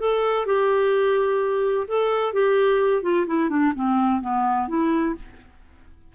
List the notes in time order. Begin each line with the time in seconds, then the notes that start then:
0.00 A4
0.46 G4
1.88 A4
2.34 G4
3.03 F4
3.27 E4
3.50 D4
3.75 C4
4.21 B3
4.68 E4